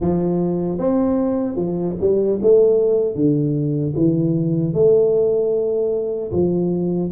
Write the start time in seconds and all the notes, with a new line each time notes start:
0.00 F3
0.78 C4
1.56 F3
2.00 G3
2.42 A3
3.15 D3
3.96 E3
4.73 A3
6.32 F3